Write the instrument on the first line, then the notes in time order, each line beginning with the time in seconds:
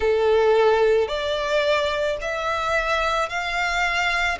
violin
0.00 A4
1.08 D5
2.21 E5
3.29 F5